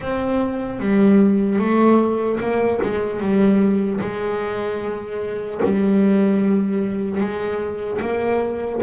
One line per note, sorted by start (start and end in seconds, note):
0.00 0.79 C4
0.79 1.59 G3
1.59 2.39 A3
2.40 2.80 A#3
2.82 3.20 G#3
3.20 4.00 G3
4.00 5.60 G#3
5.64 7.20 G3
7.20 8.00 G#3
8.01 8.81 A#3